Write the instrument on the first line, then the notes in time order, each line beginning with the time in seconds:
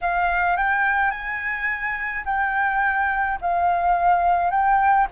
flute
0.01 F5
0.57 G5
1.10 G#5
2.25 G5
3.41 F5
4.50 G5